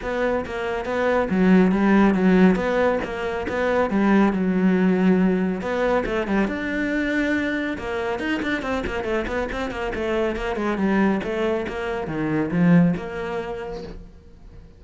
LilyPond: \new Staff \with { instrumentName = "cello" } { \time 4/4 \tempo 4 = 139 b4 ais4 b4 fis4 | g4 fis4 b4 ais4 | b4 g4 fis2~ | fis4 b4 a8 g8 d'4~ |
d'2 ais4 dis'8 d'8 | c'8 ais8 a8 b8 c'8 ais8 a4 | ais8 gis8 g4 a4 ais4 | dis4 f4 ais2 | }